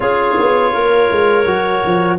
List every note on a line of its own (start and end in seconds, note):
0.00 0.35 C#4
0.00 1.44 F4
0.00 0.72 G#4
0.00 2.18 C#5
0.39 0.73 B3
0.72 1.09 A#3
0.72 2.18 A#4
1.11 1.45 G#3
1.45 1.82 F#3
1.45 2.18 F#4
1.86 2.18 F3